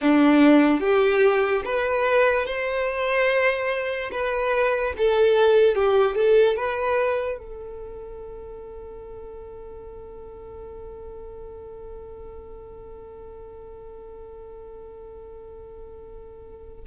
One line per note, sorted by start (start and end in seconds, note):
0.01 0.80 D4
0.80 1.62 G4
1.64 2.46 B4
2.46 4.10 C5
4.11 4.93 B4
4.97 5.75 A4
5.75 6.15 G4
6.15 6.56 A4
6.56 7.38 B4
7.38 16.83 A4